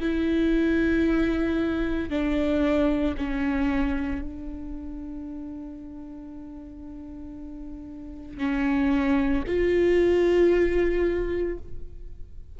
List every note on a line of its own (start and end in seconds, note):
0.00 2.10 E4
2.10 3.15 D4
3.17 4.22 C#4
4.22 8.38 D4
8.38 9.44 C#4
9.47 11.58 F4